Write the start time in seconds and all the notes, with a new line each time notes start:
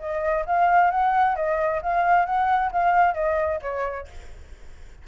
0.00 D#5
0.46 F5
0.91 F#5
1.36 D#5
1.83 F5
2.26 F#5
2.73 F5
3.15 D#5
3.62 C#5